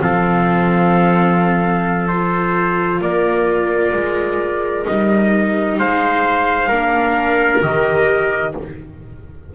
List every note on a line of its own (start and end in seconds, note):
0.00 3.01 F3
0.00 2.08 C4
0.00 3.03 A4
0.00 2.08 F5
2.08 4.84 F4
2.08 3.00 C5
3.01 3.93 A#3
3.01 5.78 A#4
3.01 4.86 D5
3.93 4.85 G#3
4.84 5.79 G3
4.84 6.68 D#4
4.84 5.79 D#5
5.78 6.69 G#3
5.78 6.68 C5
5.78 7.62 F5
6.68 7.62 A#3
6.68 7.62 D4
6.68 8.53 A#4
7.62 8.54 D#3
7.62 8.54 G4
7.62 8.54 D#5